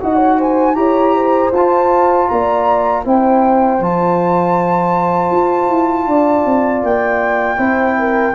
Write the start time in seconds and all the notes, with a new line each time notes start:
0.00 D#4 F#4 D#5 F#5
0.16 C#5
0.38 C5 G#5
0.75 E4 G4 C#5 A#5
1.16 C5
1.52 F4 A5
2.28 A#3 D5 A#5
3.04 C4 E4 C5 G5
3.80 F3 F4 A5
5.31 F4
5.69 E4
6.07 D4 D5
6.46 C4
6.83 A#3 G5
7.57 C4 E4 C5
7.98 A#4